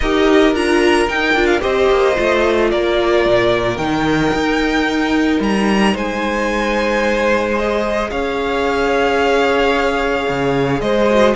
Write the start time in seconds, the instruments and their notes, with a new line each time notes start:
0.00 cello D#4, viola G4, violin A#4 D#5
0.53 cello D4, viola F4, violin A#5
1.08 cello D#4, viola D#4, violin G5
1.34 cello D4, viola F4
1.46 violin F5
1.59 cello C4, viola G4, violin C5 D#5
1.89 cello A#3
2.15 cello A3, viola F4
2.70 cello A#3, violin A#4 D5
3.25 cello A#2
3.77 cello D#3, viola D#4, violin G5
4.33 cello D#4
5.39 cello G3, violin A#5
5.93 cello G#3, violin C5 G#5
7.57 viola G#4, violin D#5
8.10 cello C#4, violin C#5 F5
10.28 cello C#3
10.80 cello G#3, violin C5 D#5
11.10 viola F#4